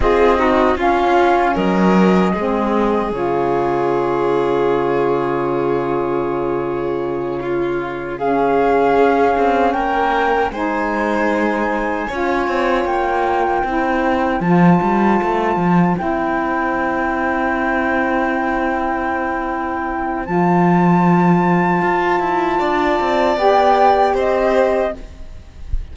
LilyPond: <<
  \new Staff \with { instrumentName = "flute" } { \time 4/4 \tempo 4 = 77 dis''4 f''4 dis''2 | cis''1~ | cis''2~ cis''8 f''4.~ | f''8 g''4 gis''2~ gis''8~ |
gis''8 g''2 a''4.~ | a''8 g''2.~ g''8~ | g''2 a''2~ | a''2 g''4 dis''4 | }
  \new Staff \with { instrumentName = "violin" } { \time 4/4 gis'8 fis'8 f'4 ais'4 gis'4~ | gis'1~ | gis'4. f'4 gis'4.~ | gis'8 ais'4 c''2 cis''8~ |
cis''4. c''2~ c''8~ | c''1~ | c''1~ | c''4 d''2 c''4 | }
  \new Staff \with { instrumentName = "saxophone" } { \time 4/4 f'8 dis'8 cis'2 c'4 | f'1~ | f'2~ f'8 cis'4.~ | cis'4. dis'2 f'8~ |
f'4. e'4 f'4.~ | f'8 e'2.~ e'8~ | e'2 f'2~ | f'2 g'2 | }
  \new Staff \with { instrumentName = "cello" } { \time 4/4 c'4 cis'4 fis4 gis4 | cis1~ | cis2.~ cis8 cis'8 | c'8 ais4 gis2 cis'8 |
c'8 ais4 c'4 f8 g8 a8 | f8 c'2.~ c'8~ | c'2 f2 | f'8 e'8 d'8 c'8 b4 c'4 | }
>>